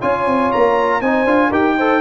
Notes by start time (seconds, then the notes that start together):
0.00 C#4 F4 C#5 G#5
0.27 C4
0.52 A#3 A#5
1.01 C4 D#4 C5 G#5
1.25 D4 F4
1.49 D#4 G4 A#4 G5
1.77 A4 C5